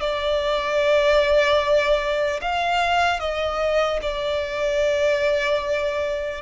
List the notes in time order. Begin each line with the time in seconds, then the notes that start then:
0.00 D5
2.41 F5
3.20 D#5
4.02 D5